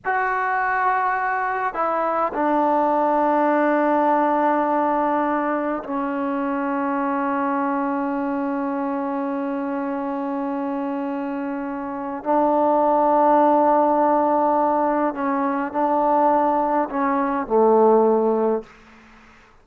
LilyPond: \new Staff \with { instrumentName = "trombone" } { \time 4/4 \tempo 4 = 103 fis'2. e'4 | d'1~ | d'2 cis'2~ | cis'1~ |
cis'1~ | cis'4 d'2.~ | d'2 cis'4 d'4~ | d'4 cis'4 a2 | }